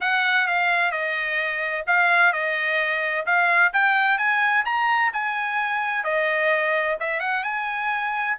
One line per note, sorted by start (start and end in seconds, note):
0.00 0.47 F#5
0.47 0.91 F5
0.91 1.84 D#5
1.86 2.32 F5
2.32 3.25 D#5
3.26 3.72 F5
3.73 4.18 G5
4.18 4.64 G#5
4.65 5.11 A#5
5.13 6.04 G#5
6.04 6.97 D#5
7.00 7.20 E5
7.20 7.43 F#5
7.43 8.36 G#5